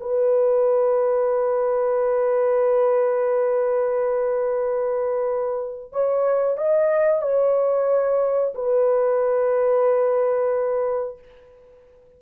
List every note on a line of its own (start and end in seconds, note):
0.00 5.93 B4
5.93 6.58 C#5
6.58 7.22 D#5
7.22 8.54 C#5
8.55 11.18 B4